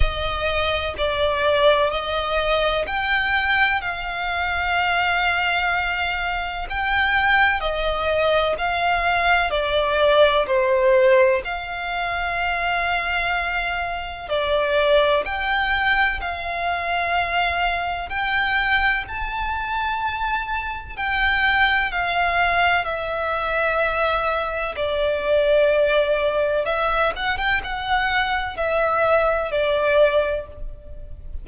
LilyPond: \new Staff \with { instrumentName = "violin" } { \time 4/4 \tempo 4 = 63 dis''4 d''4 dis''4 g''4 | f''2. g''4 | dis''4 f''4 d''4 c''4 | f''2. d''4 |
g''4 f''2 g''4 | a''2 g''4 f''4 | e''2 d''2 | e''8 fis''16 g''16 fis''4 e''4 d''4 | }